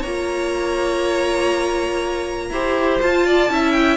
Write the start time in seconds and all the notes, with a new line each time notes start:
0.00 A#3 C#5 A#5
0.06 F4
2.51 E4 G4 C5
3.02 F4 A5
3.27 D5
3.49 C#4 E4 E5
3.72 G5